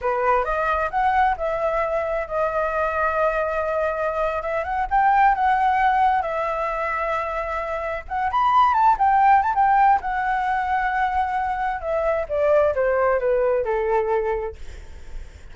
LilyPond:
\new Staff \with { instrumentName = "flute" } { \time 4/4 \tempo 4 = 132 b'4 dis''4 fis''4 e''4~ | e''4 dis''2.~ | dis''4.~ dis''16 e''8 fis''8 g''4 fis''16~ | fis''4.~ fis''16 e''2~ e''16~ |
e''4.~ e''16 fis''8 b''4 a''8 g''16~ | g''8. a''16 g''4 fis''2~ | fis''2 e''4 d''4 | c''4 b'4 a'2 | }